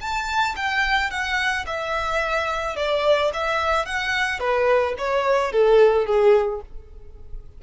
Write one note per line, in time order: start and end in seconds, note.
0.00 0.55 A5
0.56 1.10 G5
1.10 1.65 F#5
1.66 2.76 E5
2.76 3.31 D5
3.34 3.85 E5
3.85 4.39 F#5
4.39 4.94 B4
4.98 5.51 C#5
5.51 6.06 A4
6.06 6.61 G#4